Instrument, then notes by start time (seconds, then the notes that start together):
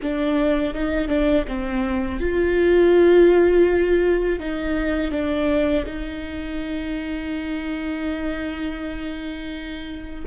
viola
0.02 D4
0.74 D#4
1.08 D4
1.47 C4
2.20 F4
4.39 D#4
5.11 D4
5.85 D#4